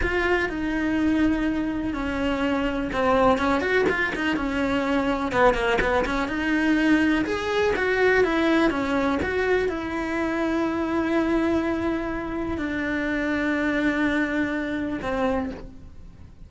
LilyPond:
\new Staff \with { instrumentName = "cello" } { \time 4/4 \tempo 4 = 124 f'4 dis'2. | cis'2 c'4 cis'8 fis'8 | f'8 dis'8 cis'2 b8 ais8 | b8 cis'8 dis'2 gis'4 |
fis'4 e'4 cis'4 fis'4 | e'1~ | e'2 d'2~ | d'2. c'4 | }